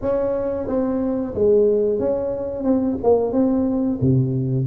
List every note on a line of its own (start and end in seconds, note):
0.02 0.67 C#4
0.67 1.33 C4
1.34 1.99 G#3
1.99 2.63 C#4
2.63 2.97 C4
3.03 3.32 A#3
3.32 3.98 C4
4.01 4.66 C3